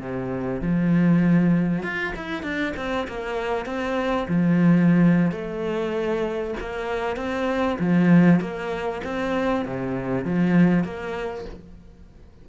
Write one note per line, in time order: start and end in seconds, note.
0.00 0.61 C3
0.61 1.83 F3
1.83 2.13 F4
2.16 2.43 E4
2.43 2.74 D4
2.77 3.07 C4
3.08 3.66 A#3
3.66 4.27 C4
4.28 5.32 F3
5.32 6.54 A3
6.60 7.17 A#3
7.17 7.78 C4
7.79 8.41 F3
8.41 9.02 A#3
9.04 9.65 C4
9.65 10.25 C3
10.25 10.84 F3
10.84 11.45 A#3